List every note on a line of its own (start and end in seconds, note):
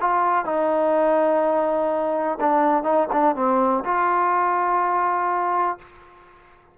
0.00 0.45 F4
0.45 2.38 D#4
2.40 2.83 D4
2.83 3.07 D#4
3.12 3.35 D4
3.35 3.84 C4
3.84 5.78 F4